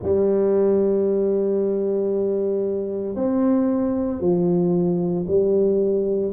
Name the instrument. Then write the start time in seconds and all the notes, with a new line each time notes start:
tuba
0.02 G3
3.15 C4
4.20 F3
5.27 G3